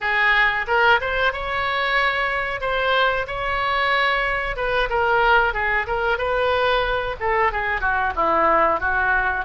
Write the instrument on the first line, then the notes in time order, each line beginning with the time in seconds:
oboe
0.00 G#4
0.67 A#4
1.00 C5
1.33 C#5
2.61 C5
3.27 C#5
4.56 B4
4.89 A#4
5.53 G#4
5.86 A#4
6.18 B4
7.19 A4
7.52 G#4
7.80 F#4
8.15 E4
8.80 F#4